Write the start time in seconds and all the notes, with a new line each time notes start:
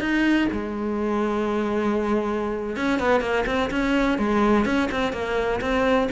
0.00 D#4
0.52 G#3
2.76 C#4
2.99 B3
3.20 A#3
3.46 C4
3.70 C#4
4.18 G#3
4.65 C#4
4.91 C4
5.12 A#3
5.61 C4